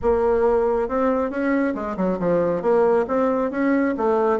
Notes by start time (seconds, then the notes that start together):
0.02 A#3
0.88 C4
1.30 C#4
1.74 G#3
1.96 F#3
2.19 F3
2.61 A#3
3.07 C4
3.51 C#4
3.97 A3